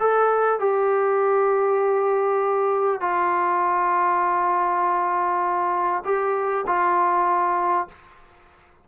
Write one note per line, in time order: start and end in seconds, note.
0.00 0.60 A4
0.60 3.01 G4
3.01 6.04 F4
6.05 6.65 G4
6.67 7.88 F4